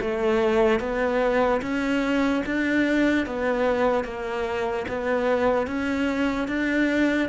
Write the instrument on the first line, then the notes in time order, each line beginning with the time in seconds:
cello
0.00 A3
0.80 B3
1.61 C#4
2.45 D4
3.26 B3
4.04 A#3
4.88 B3
5.67 C#4
6.48 D4